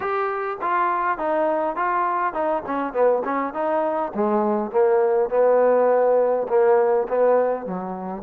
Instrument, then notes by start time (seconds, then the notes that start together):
trombone
0.00 G4
0.61 F4
1.18 D#4
1.76 F4
2.33 D#4
2.66 C#4
2.93 B3
3.24 C#4
3.53 D#4
4.14 G#3
4.71 A#3
5.29 B3
6.48 A#3
7.08 B3
7.66 F#3